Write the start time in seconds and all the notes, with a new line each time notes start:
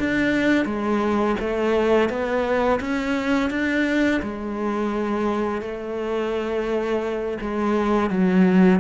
0.00 D4
0.65 G#3
1.40 A3
2.10 B3
2.81 C#4
3.51 D4
4.22 G#3
5.62 A3
7.41 G#3
8.11 F#3